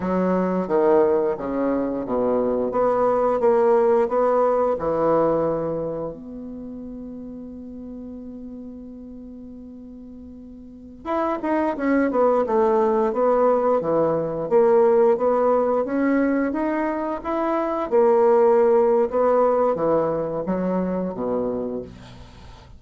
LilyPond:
\new Staff \with { instrumentName = "bassoon" } { \time 4/4 \tempo 4 = 88 fis4 dis4 cis4 b,4 | b4 ais4 b4 e4~ | e4 b2.~ | b1~ |
b16 e'8 dis'8 cis'8 b8 a4 b8.~ | b16 e4 ais4 b4 cis'8.~ | cis'16 dis'4 e'4 ais4.~ ais16 | b4 e4 fis4 b,4 | }